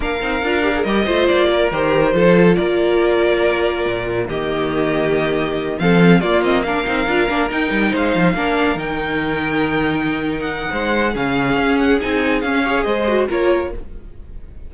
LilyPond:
<<
  \new Staff \with { instrumentName = "violin" } { \time 4/4 \tempo 4 = 140 f''2 dis''4 d''4 | c''2 d''2~ | d''2 dis''2~ | dis''4. f''4 d''8 dis''8 f''8~ |
f''4. g''4 f''4.~ | f''8 g''2.~ g''8~ | g''16 fis''4.~ fis''16 f''4. fis''8 | gis''4 f''4 dis''4 cis''4 | }
  \new Staff \with { instrumentName = "violin" } { \time 4/4 ais'2~ ais'8 c''4 ais'8~ | ais'4 a'4 ais'2~ | ais'2 g'2~ | g'4. a'4 f'4 ais'8~ |
ais'2~ ais'8 c''4 ais'8~ | ais'1~ | ais'4 c''4 gis'2~ | gis'4. cis''8 c''4 ais'4 | }
  \new Staff \with { instrumentName = "viola" } { \time 4/4 d'8 dis'8 f'8 g'16 gis'16 g'8 f'4. | g'4 f'2.~ | f'2 ais2~ | ais4. c'4 ais8 c'8 d'8 |
dis'8 f'8 d'8 dis'2 d'8~ | d'8 dis'2.~ dis'8~ | dis'2 cis'2 | dis'4 cis'8 gis'4 fis'8 f'4 | }
  \new Staff \with { instrumentName = "cello" } { \time 4/4 ais8 c'8 d'4 g8 a8 ais4 | dis4 f4 ais2~ | ais4 ais,4 dis2~ | dis4. f4 ais4. |
c'8 d'8 ais8 dis'8 g8 gis8 f8 ais8~ | ais8 dis2.~ dis8~ | dis4 gis4 cis4 cis'4 | c'4 cis'4 gis4 ais4 | }
>>